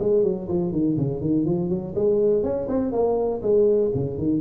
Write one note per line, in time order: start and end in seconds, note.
0.00 0.24 G#3
0.24 0.49 F#3
0.49 0.73 F3
0.73 0.97 D#3
0.98 1.21 C#3
1.21 1.46 D#3
1.46 1.70 F3
1.70 1.94 F#3
1.96 2.44 G#3
2.44 2.68 C#4
2.69 2.92 C4
2.92 3.42 A#3
3.43 3.92 G#3
3.95 4.18 C#3
4.18 4.42 D#3